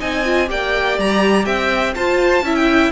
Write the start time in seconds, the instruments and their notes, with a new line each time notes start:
0.00 cello C4, viola D#4, violin D#5 G#5
0.26 viola F4
0.48 cello A#3, viola G4, violin D5 G5
0.99 cello G3, violin A#5
1.45 cello C4, violin E5 G5
1.95 viola F4, cello F4, violin C5 A5
2.42 cello C#4, viola E4, violin E5
2.56 violin G5